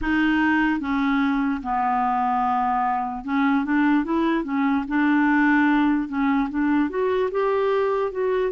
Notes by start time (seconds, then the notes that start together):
0.01 D#4
0.80 C#4
1.63 B3
3.24 C#4
3.64 D4
4.04 E4
4.44 C#4
4.88 D4
6.08 C#4
6.49 D4
6.89 F#4
7.31 G4
8.11 F#4